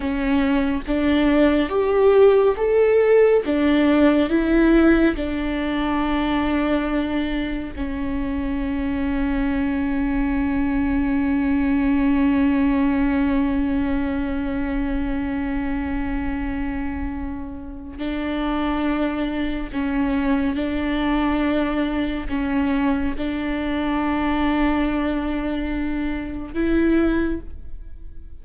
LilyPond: \new Staff \with { instrumentName = "viola" } { \time 4/4 \tempo 4 = 70 cis'4 d'4 g'4 a'4 | d'4 e'4 d'2~ | d'4 cis'2.~ | cis'1~ |
cis'1~ | cis'4 d'2 cis'4 | d'2 cis'4 d'4~ | d'2. e'4 | }